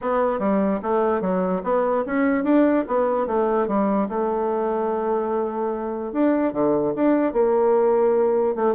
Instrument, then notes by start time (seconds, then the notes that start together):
bassoon
0.01 B3
0.39 G3
0.82 A3
1.21 F#3
1.63 B3
2.06 C#4
2.44 D4
2.87 B3
3.27 A3
3.67 G3
4.09 A3
6.12 D4
6.53 D3
6.95 D4
7.32 A#3
8.55 A3